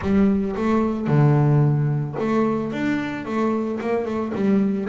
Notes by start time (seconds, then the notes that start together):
0.01 G3
0.56 A3
1.07 D3
2.19 A3
2.72 D4
3.25 A3
3.80 A#3
4.05 A3
4.34 G3